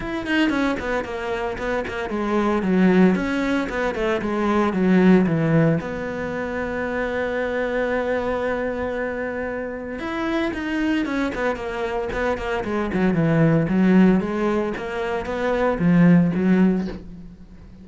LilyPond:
\new Staff \with { instrumentName = "cello" } { \time 4/4 \tempo 4 = 114 e'8 dis'8 cis'8 b8 ais4 b8 ais8 | gis4 fis4 cis'4 b8 a8 | gis4 fis4 e4 b4~ | b1~ |
b2. e'4 | dis'4 cis'8 b8 ais4 b8 ais8 | gis8 fis8 e4 fis4 gis4 | ais4 b4 f4 fis4 | }